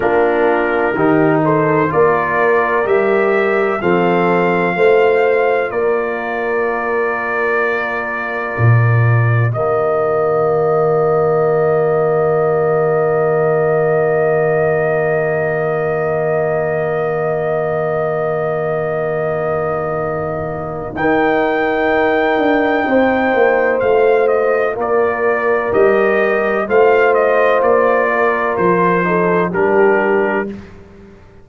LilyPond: <<
  \new Staff \with { instrumentName = "trumpet" } { \time 4/4 \tempo 4 = 63 ais'4. c''8 d''4 e''4 | f''2 d''2~ | d''2 dis''2~ | dis''1~ |
dis''1~ | dis''2 g''2~ | g''4 f''8 dis''8 d''4 dis''4 | f''8 dis''8 d''4 c''4 ais'4 | }
  \new Staff \with { instrumentName = "horn" } { \time 4/4 f'4 g'8 a'8 ais'2 | a'4 c''4 ais'2~ | ais'2 g'2~ | g'1~ |
g'1~ | g'2 ais'2 | c''2 ais'2 | c''4. ais'4 a'8 g'4 | }
  \new Staff \with { instrumentName = "trombone" } { \time 4/4 d'4 dis'4 f'4 g'4 | c'4 f'2.~ | f'2 ais2~ | ais1~ |
ais1~ | ais2 dis'2~ | dis'4 f'2 g'4 | f'2~ f'8 dis'8 d'4 | }
  \new Staff \with { instrumentName = "tuba" } { \time 4/4 ais4 dis4 ais4 g4 | f4 a4 ais2~ | ais4 ais,4 dis2~ | dis1~ |
dis1~ | dis2 dis'4. d'8 | c'8 ais8 a4 ais4 g4 | a4 ais4 f4 g4 | }
>>